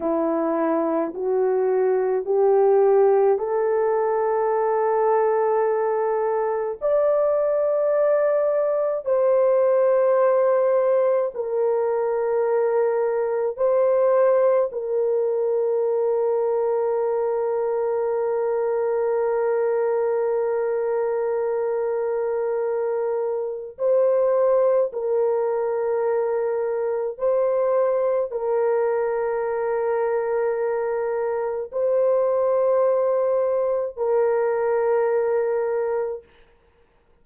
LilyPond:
\new Staff \with { instrumentName = "horn" } { \time 4/4 \tempo 4 = 53 e'4 fis'4 g'4 a'4~ | a'2 d''2 | c''2 ais'2 | c''4 ais'2.~ |
ais'1~ | ais'4 c''4 ais'2 | c''4 ais'2. | c''2 ais'2 | }